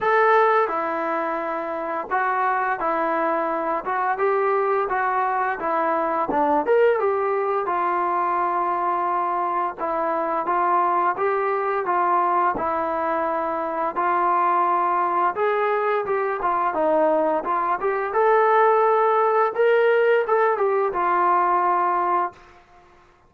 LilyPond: \new Staff \with { instrumentName = "trombone" } { \time 4/4 \tempo 4 = 86 a'4 e'2 fis'4 | e'4. fis'8 g'4 fis'4 | e'4 d'8 ais'8 g'4 f'4~ | f'2 e'4 f'4 |
g'4 f'4 e'2 | f'2 gis'4 g'8 f'8 | dis'4 f'8 g'8 a'2 | ais'4 a'8 g'8 f'2 | }